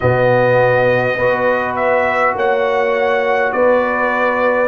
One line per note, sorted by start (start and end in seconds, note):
0.00 1.17 B2
0.00 1.19 B3
0.00 1.17 F#4
0.00 1.75 D#5
1.17 2.34 B3
1.17 4.67 F#4
1.17 2.35 B4
1.75 2.34 E5
2.34 3.52 A#3
2.34 3.53 C#5
2.34 3.52 F#5
3.52 4.67 B3
3.52 4.67 B4
3.52 4.67 D5